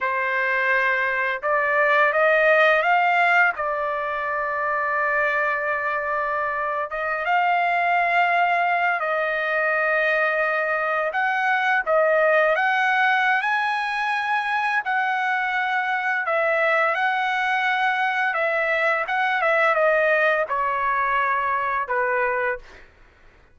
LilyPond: \new Staff \with { instrumentName = "trumpet" } { \time 4/4 \tempo 4 = 85 c''2 d''4 dis''4 | f''4 d''2.~ | d''4.~ d''16 dis''8 f''4.~ f''16~ | f''8. dis''2. fis''16~ |
fis''8. dis''4 fis''4~ fis''16 gis''4~ | gis''4 fis''2 e''4 | fis''2 e''4 fis''8 e''8 | dis''4 cis''2 b'4 | }